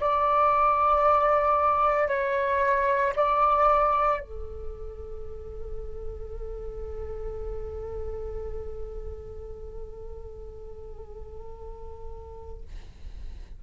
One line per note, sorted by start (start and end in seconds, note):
0.00 2.08 D5
2.08 3.13 C#5
3.16 4.21 D5
4.21 12.63 A4